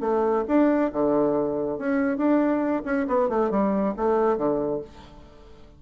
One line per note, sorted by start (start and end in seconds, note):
0.00 0.43 A3
0.47 0.91 D4
0.92 1.78 D3
1.78 2.17 C#4
2.17 2.82 D4
2.85 3.07 C#4
3.07 3.29 B3
3.29 3.50 A3
3.50 3.94 G3
3.96 4.37 A3
4.37 4.81 D3